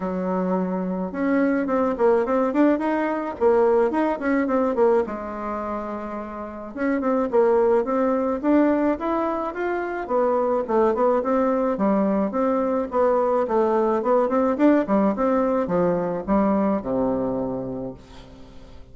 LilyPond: \new Staff \with { instrumentName = "bassoon" } { \time 4/4 \tempo 4 = 107 fis2 cis'4 c'8 ais8 | c'8 d'8 dis'4 ais4 dis'8 cis'8 | c'8 ais8 gis2. | cis'8 c'8 ais4 c'4 d'4 |
e'4 f'4 b4 a8 b8 | c'4 g4 c'4 b4 | a4 b8 c'8 d'8 g8 c'4 | f4 g4 c2 | }